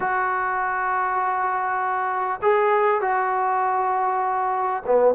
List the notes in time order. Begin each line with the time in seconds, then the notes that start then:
0.00 F#4
2.42 G#4
3.01 F#4
4.86 B3